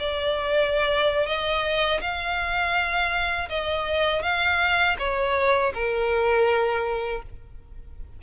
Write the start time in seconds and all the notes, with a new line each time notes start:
0.00 D5
1.27 D#5
2.01 F5
3.49 D#5
4.23 F5
4.99 C#5
5.75 A#4